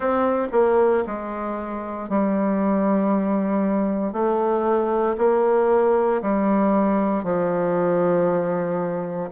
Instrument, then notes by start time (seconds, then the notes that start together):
bassoon
0.00 C4
0.52 A#3
1.06 G#3
2.09 G3
4.12 A3
5.18 A#3
6.22 G3
7.23 F3